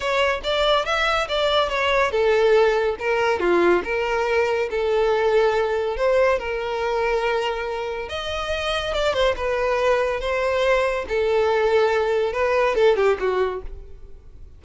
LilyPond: \new Staff \with { instrumentName = "violin" } { \time 4/4 \tempo 4 = 141 cis''4 d''4 e''4 d''4 | cis''4 a'2 ais'4 | f'4 ais'2 a'4~ | a'2 c''4 ais'4~ |
ais'2. dis''4~ | dis''4 d''8 c''8 b'2 | c''2 a'2~ | a'4 b'4 a'8 g'8 fis'4 | }